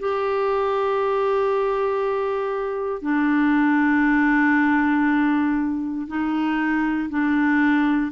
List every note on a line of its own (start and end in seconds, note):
0.00 3.02 G4
3.02 6.07 D4
6.08 7.10 D#4
7.10 8.11 D4